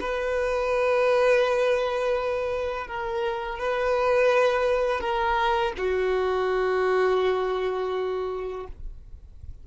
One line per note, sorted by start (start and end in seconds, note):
0.00 2.87 B4
2.87 3.59 A#4
3.59 5.00 B4
5.00 5.73 A#4
5.78 8.67 F#4